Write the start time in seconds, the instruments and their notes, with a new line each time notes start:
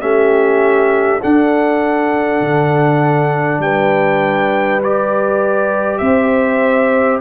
0.00 tuba A3, trombone C#4, horn G4, trumpet E5
1.21 trombone D4, tuba D4, horn A4, trumpet F#5
2.40 tuba D3
3.59 tuba G3, horn B4, trumpet G5
4.82 trombone G4, trumpet D5
5.98 tuba C4, horn C5, trumpet E5